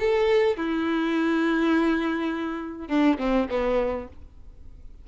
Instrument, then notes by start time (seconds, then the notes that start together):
violin
0.00 A4
0.57 E4
2.89 D4
3.19 C4
3.50 B3